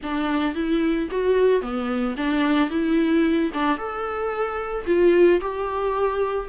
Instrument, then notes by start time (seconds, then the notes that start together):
viola
0.02 D4
0.55 E4
1.10 F#4
1.61 B3
2.16 D4
2.70 E4
3.53 D4
3.77 A4
4.86 F4
5.40 G4